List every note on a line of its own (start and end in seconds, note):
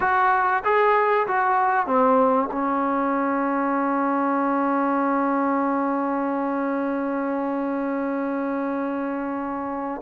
0.00 0.62 F#4
0.64 1.27 G#4
1.27 1.86 F#4
1.86 2.49 C4
2.51 10.01 C#4